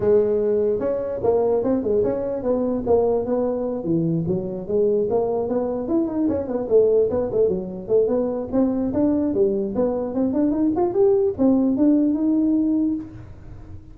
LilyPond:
\new Staff \with { instrumentName = "tuba" } { \time 4/4 \tempo 4 = 148 gis2 cis'4 ais4 | c'8 gis8 cis'4 b4 ais4 | b4. e4 fis4 gis8~ | gis8 ais4 b4 e'8 dis'8 cis'8 |
b8 a4 b8 a8 fis4 a8 | b4 c'4 d'4 g4 | b4 c'8 d'8 dis'8 f'8 g'4 | c'4 d'4 dis'2 | }